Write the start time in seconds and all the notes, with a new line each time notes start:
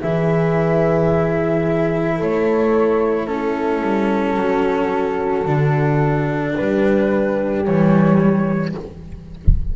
0.00 E3 E4 G#4 E5
2.15 A3 A4 C#5
3.26 C#4 E4 A4
3.82 G3
4.36 F#3 F#4
5.45 D3 D4
6.56 G3 G4 B4
7.64 E3 G3 C#5